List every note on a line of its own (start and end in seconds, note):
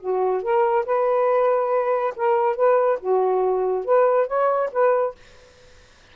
0.00 0.42 F#4
0.42 0.85 A#4
0.85 2.14 B4
2.16 2.56 A#4
2.56 2.99 B4
3.00 3.85 F#4
3.85 4.27 B4
4.27 4.70 C#5
4.72 5.15 B4